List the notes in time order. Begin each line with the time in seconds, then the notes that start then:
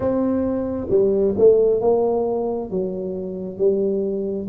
0.00 C4
0.90 G3
1.38 A3
1.81 A#3
2.70 F#3
3.57 G3